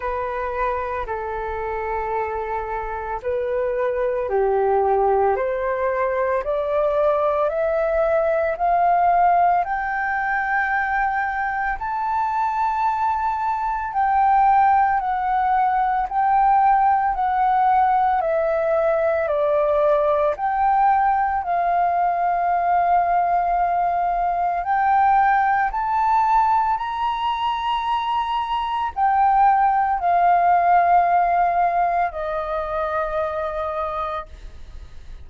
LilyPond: \new Staff \with { instrumentName = "flute" } { \time 4/4 \tempo 4 = 56 b'4 a'2 b'4 | g'4 c''4 d''4 e''4 | f''4 g''2 a''4~ | a''4 g''4 fis''4 g''4 |
fis''4 e''4 d''4 g''4 | f''2. g''4 | a''4 ais''2 g''4 | f''2 dis''2 | }